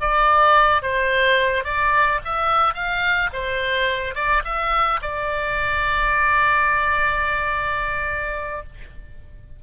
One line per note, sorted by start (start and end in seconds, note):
0.00 0.82 D5
0.82 1.64 C5
1.64 2.19 D5
2.24 2.74 E5
2.74 3.30 F5
3.33 4.15 C5
4.15 4.42 D5
4.44 5.00 E5
5.02 8.63 D5